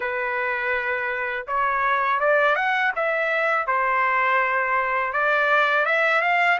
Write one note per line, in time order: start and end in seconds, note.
0.00 1.46 B4
1.47 2.20 C#5
2.20 2.55 D5
2.55 2.92 F#5
2.95 3.66 E5
3.66 5.12 C5
5.12 5.85 D5
5.85 6.21 E5
6.21 6.58 F5